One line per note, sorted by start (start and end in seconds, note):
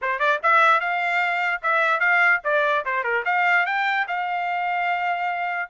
0.01 0.19 C5
0.19 0.39 D5
0.42 0.80 E5
0.80 1.61 F5
1.62 1.99 E5
1.99 2.40 F5
2.44 2.84 D5
2.85 3.03 C5
3.03 3.23 A#4
3.25 3.65 F5
3.65 4.06 G5
4.07 5.69 F5